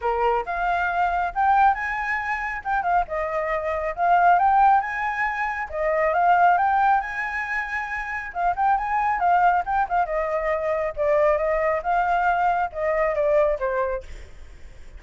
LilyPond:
\new Staff \with { instrumentName = "flute" } { \time 4/4 \tempo 4 = 137 ais'4 f''2 g''4 | gis''2 g''8 f''8 dis''4~ | dis''4 f''4 g''4 gis''4~ | gis''4 dis''4 f''4 g''4 |
gis''2. f''8 g''8 | gis''4 f''4 g''8 f''8 dis''4~ | dis''4 d''4 dis''4 f''4~ | f''4 dis''4 d''4 c''4 | }